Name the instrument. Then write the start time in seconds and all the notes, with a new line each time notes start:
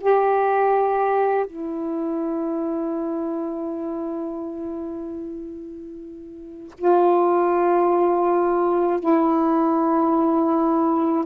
saxophone
0.00 G4
1.46 E4
6.77 F4
8.99 E4